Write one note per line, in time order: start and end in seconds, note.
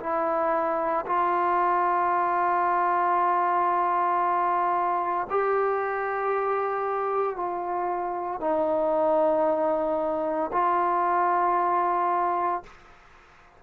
0.00 1.05 E4
1.06 5.27 F4
5.30 7.36 G4
7.36 8.40 F4
8.40 10.51 D#4
10.52 12.63 F4